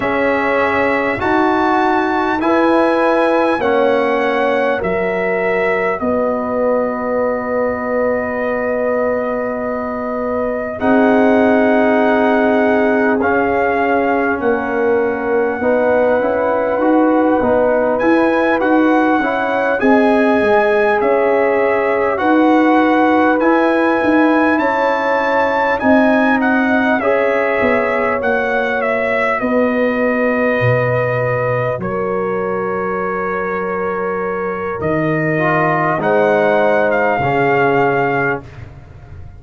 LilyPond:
<<
  \new Staff \with { instrumentName = "trumpet" } { \time 4/4 \tempo 4 = 50 e''4 a''4 gis''4 fis''4 | e''4 dis''2.~ | dis''4 fis''2 f''4 | fis''2. gis''8 fis''8~ |
fis''8 gis''4 e''4 fis''4 gis''8~ | gis''8 a''4 gis''8 fis''8 e''4 fis''8 | e''8 dis''2 cis''4.~ | cis''4 dis''4 fis''8. f''4~ f''16 | }
  \new Staff \with { instrumentName = "horn" } { \time 4/4 gis'4 fis'4 b'4 cis''4 | ais'4 b'2.~ | b'4 gis'2. | ais'4 b'2. |
cis''8 dis''4 cis''4 b'4.~ | b'8 cis''4 dis''4 cis''4.~ | cis''8 b'2 ais'4.~ | ais'2 c''4 gis'4 | }
  \new Staff \with { instrumentName = "trombone" } { \time 4/4 cis'4 fis'4 e'4 cis'4 | fis'1~ | fis'4 dis'2 cis'4~ | cis'4 dis'8 e'8 fis'8 dis'8 e'8 fis'8 |
e'8 gis'2 fis'4 e'8~ | e'4. dis'4 gis'4 fis'8~ | fis'1~ | fis'4. f'8 dis'4 cis'4 | }
  \new Staff \with { instrumentName = "tuba" } { \time 4/4 cis'4 dis'4 e'4 ais4 | fis4 b2.~ | b4 c'2 cis'4 | ais4 b8 cis'8 dis'8 b8 e'8 dis'8 |
cis'8 c'8 gis8 cis'4 dis'4 e'8 | dis'8 cis'4 c'4 cis'8 b8 ais8~ | ais8 b4 b,4 fis4.~ | fis4 dis4 gis4 cis4 | }
>>